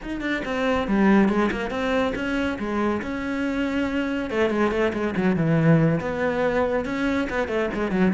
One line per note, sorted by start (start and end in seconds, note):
0.02 0.20 D#4
0.20 0.42 D4
0.44 0.87 C4
0.87 1.28 G3
1.28 1.50 G#3
1.51 1.70 A#3
1.70 2.13 C4
2.15 2.58 C#4
2.58 3.01 G#3
3.02 4.30 C#4
4.30 4.49 A3
4.49 4.71 G#3
4.71 4.92 A3
4.93 5.14 G#3
5.16 5.36 F#3
5.36 6.00 E3
6.00 6.85 B3
6.85 7.28 C#4
7.29 7.48 B3
7.48 7.69 A3
7.74 7.91 G#3
7.91 8.12 F#3